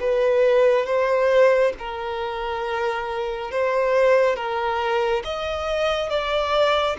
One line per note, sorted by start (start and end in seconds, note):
0.00 0.86 B4
0.86 1.73 C5
1.79 3.51 A#4
3.51 4.36 C5
4.36 5.23 A#4
5.25 6.09 D#5
6.09 6.96 D5